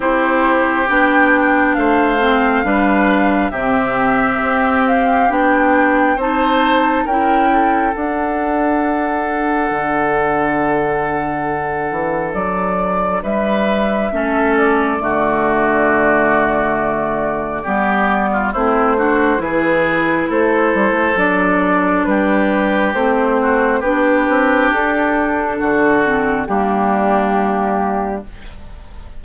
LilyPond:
<<
  \new Staff \with { instrumentName = "flute" } { \time 4/4 \tempo 4 = 68 c''4 g''4 f''2 | e''4. f''8 g''4 a''4 | g''4 fis''2.~ | fis''2 d''4 e''4~ |
e''8 d''2.~ d''8~ | d''4 c''4 b'4 c''4 | d''4 b'4 c''4 b'4 | a'2 g'2 | }
  \new Staff \with { instrumentName = "oboe" } { \time 4/4 g'2 c''4 b'4 | g'2. c''4 | ais'8 a'2.~ a'8~ | a'2. b'4 |
a'4 fis'2. | g'8. f'16 e'8 fis'8 gis'4 a'4~ | a'4 g'4. fis'8 g'4~ | g'4 fis'4 d'2 | }
  \new Staff \with { instrumentName = "clarinet" } { \time 4/4 e'4 d'4. c'8 d'4 | c'2 d'4 dis'4 | e'4 d'2.~ | d'1 |
cis'4 a2. | b4 c'8 d'8 e'2 | d'2 c'4 d'4~ | d'4. c'8 ais2 | }
  \new Staff \with { instrumentName = "bassoon" } { \time 4/4 c'4 b4 a4 g4 | c4 c'4 b4 c'4 | cis'4 d'2 d4~ | d4. e8 fis4 g4 |
a4 d2. | g4 a4 e4 a8 g16 a16 | fis4 g4 a4 b8 c'8 | d'4 d4 g2 | }
>>